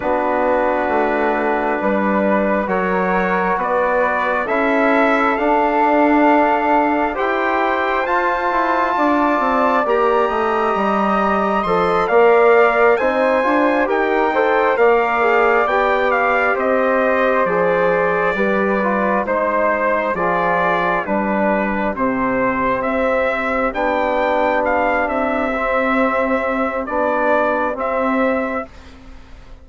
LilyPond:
<<
  \new Staff \with { instrumentName = "trumpet" } { \time 4/4 \tempo 4 = 67 b'2. cis''4 | d''4 e''4 f''2 | g''4 a''2 ais''4~ | ais''4 c'''8 f''4 gis''4 g''8~ |
g''8 f''4 g''8 f''8 dis''4 d''8~ | d''4. c''4 d''4 b'8~ | b'8 c''4 e''4 g''4 f''8 | e''2 d''4 e''4 | }
  \new Staff \with { instrumentName = "flute" } { \time 4/4 fis'2 b'4 ais'4 | b'4 a'2. | c''2 d''4. dis''8~ | dis''4. d''4 c''4 ais'8 |
c''8 d''2 c''4.~ | c''8 b'4 c''4 gis'4 g'8~ | g'1~ | g'1 | }
  \new Staff \with { instrumentName = "trombone" } { \time 4/4 d'2. fis'4~ | fis'4 e'4 d'2 | g'4 f'2 g'4~ | g'4 a'8 ais'4 dis'8 f'8 g'8 |
a'8 ais'8 gis'8 g'2 gis'8~ | gis'8 g'8 f'8 dis'4 f'4 d'8~ | d'8 c'2 d'4.~ | d'8 c'4. d'4 c'4 | }
  \new Staff \with { instrumentName = "bassoon" } { \time 4/4 b4 a4 g4 fis4 | b4 cis'4 d'2 | e'4 f'8 e'8 d'8 c'8 ais8 a8 | g4 f8 ais4 c'8 d'8 dis'8~ |
dis'8 ais4 b4 c'4 f8~ | f8 g4 gis4 f4 g8~ | g8 c4 c'4 b4. | c'2 b4 c'4 | }
>>